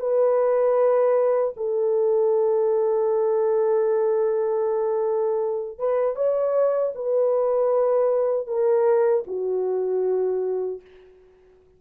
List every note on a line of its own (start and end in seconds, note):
0.00 1.54 B4
1.57 5.79 A4
5.79 6.16 B4
6.16 6.93 C#5
6.95 8.47 B4
8.47 9.24 A#4
9.27 10.81 F#4